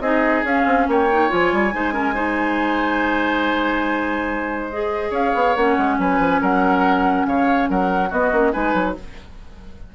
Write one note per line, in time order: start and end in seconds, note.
0.00 0.43 C4
0.00 0.45 D#4
0.00 0.87 G#4
0.00 0.43 D#5
0.44 0.65 C#4
0.44 1.10 C#4
0.44 0.89 F5
0.66 0.87 C4
0.87 1.30 A#3
0.87 1.74 C#5
0.87 1.32 G5
1.11 1.29 D#4
1.29 1.52 F3
1.29 1.71 F4
1.29 4.70 G#5
1.52 1.73 G3
1.72 5.11 G#3
1.72 1.92 D#4
1.72 1.93 C5
1.92 2.14 C#4
1.92 2.14 A#4
2.14 4.70 D#4
2.14 5.10 C5
4.70 5.57 G#4
4.70 5.12 D#5
5.10 5.32 C#4
5.10 5.95 C#5
5.10 5.56 F5
5.34 5.56 B3
5.56 5.77 A#3
5.56 8.12 C#4
5.56 5.99 F#5
5.77 5.98 G#3
5.98 6.19 F#3
5.98 6.41 B4
5.98 6.42 G#5
6.19 6.40 F3
6.41 7.26 F#3
6.41 7.26 A#4
6.41 7.26 F#5
7.26 7.68 C#3
7.26 7.70 C#5
7.26 7.69 F5
7.69 8.12 F#3
7.69 8.09 A#4
7.69 8.12 F#5
8.09 8.31 B3
8.09 8.33 B3
8.09 8.52 F#4
8.09 8.52 D#5
8.31 8.53 A#3
8.31 8.52 C#4
8.52 8.74 G#3
8.52 8.95 D#4
8.52 8.95 B4
8.52 8.95 G#5
8.74 8.95 F#3